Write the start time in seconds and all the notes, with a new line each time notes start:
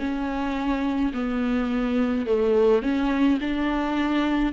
0.00 C#4
1.14 B3
2.26 A3
2.83 C#4
3.41 D4